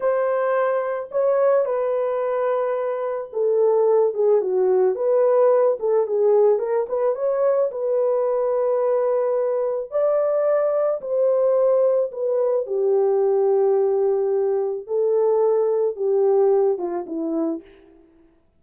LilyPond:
\new Staff \with { instrumentName = "horn" } { \time 4/4 \tempo 4 = 109 c''2 cis''4 b'4~ | b'2 a'4. gis'8 | fis'4 b'4. a'8 gis'4 | ais'8 b'8 cis''4 b'2~ |
b'2 d''2 | c''2 b'4 g'4~ | g'2. a'4~ | a'4 g'4. f'8 e'4 | }